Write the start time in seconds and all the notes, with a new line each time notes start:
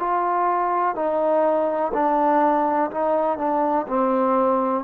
0.00 F4
0.95 D#4
1.94 D4
2.91 D#4
3.38 D4
3.88 C4